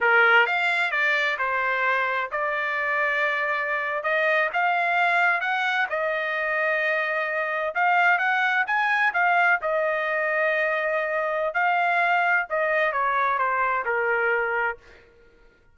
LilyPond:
\new Staff \with { instrumentName = "trumpet" } { \time 4/4 \tempo 4 = 130 ais'4 f''4 d''4 c''4~ | c''4 d''2.~ | d''8. dis''4 f''2 fis''16~ | fis''8. dis''2.~ dis''16~ |
dis''8. f''4 fis''4 gis''4 f''16~ | f''8. dis''2.~ dis''16~ | dis''4 f''2 dis''4 | cis''4 c''4 ais'2 | }